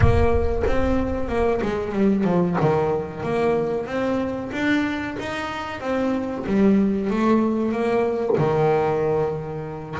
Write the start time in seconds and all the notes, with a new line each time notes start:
0.00 A#3
0.66 C4
1.28 A#3
1.61 G#3
1.92 G3
2.24 F3
2.60 D#3
3.23 A#3
3.86 C4
4.52 D4
5.19 D#4
5.80 C4
6.46 G3
7.10 A3
7.72 A#3
8.37 D#3